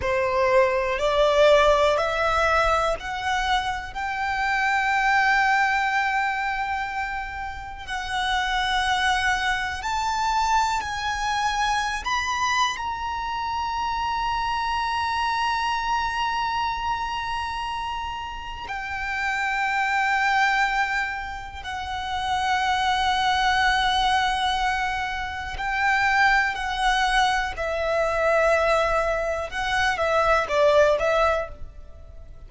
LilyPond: \new Staff \with { instrumentName = "violin" } { \time 4/4 \tempo 4 = 61 c''4 d''4 e''4 fis''4 | g''1 | fis''2 a''4 gis''4~ | gis''16 b''8. ais''2.~ |
ais''2. g''4~ | g''2 fis''2~ | fis''2 g''4 fis''4 | e''2 fis''8 e''8 d''8 e''8 | }